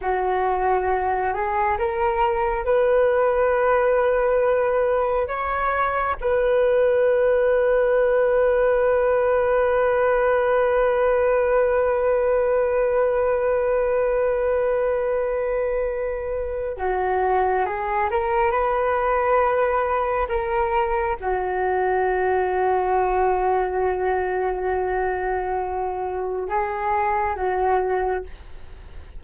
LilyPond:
\new Staff \with { instrumentName = "flute" } { \time 4/4 \tempo 4 = 68 fis'4. gis'8 ais'4 b'4~ | b'2 cis''4 b'4~ | b'1~ | b'1~ |
b'2. fis'4 | gis'8 ais'8 b'2 ais'4 | fis'1~ | fis'2 gis'4 fis'4 | }